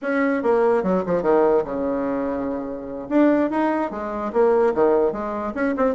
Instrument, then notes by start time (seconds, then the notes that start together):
bassoon
0.01 C#4
0.42 A#3
0.83 F#3
1.06 F3
1.22 D#3
1.64 C#3
3.09 D4
3.50 D#4
3.90 G#3
4.32 A#3
4.74 D#3
5.12 G#3
5.54 C#4
5.76 C4